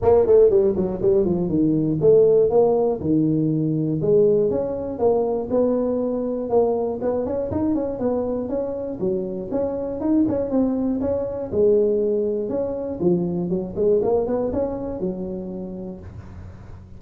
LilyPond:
\new Staff \with { instrumentName = "tuba" } { \time 4/4 \tempo 4 = 120 ais8 a8 g8 fis8 g8 f8 dis4 | a4 ais4 dis2 | gis4 cis'4 ais4 b4~ | b4 ais4 b8 cis'8 dis'8 cis'8 |
b4 cis'4 fis4 cis'4 | dis'8 cis'8 c'4 cis'4 gis4~ | gis4 cis'4 f4 fis8 gis8 | ais8 b8 cis'4 fis2 | }